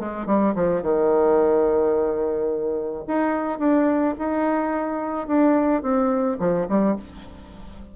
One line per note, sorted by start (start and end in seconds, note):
0.00 0.27 G#3
0.27 0.55 G3
0.56 0.83 F3
0.83 3.05 D#3
3.08 3.60 D#4
3.60 4.15 D4
4.19 5.28 D#4
5.28 5.83 D4
5.83 6.38 C4
6.40 6.68 F3
6.69 6.97 G3